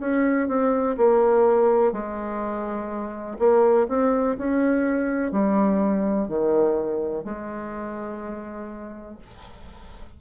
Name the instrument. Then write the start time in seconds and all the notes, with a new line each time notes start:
bassoon
0.00 C#4
0.48 C4
0.97 A#3
1.93 G#3
3.39 A#3
3.89 C4
4.38 C#4
5.32 G3
6.28 D#3
7.24 G#3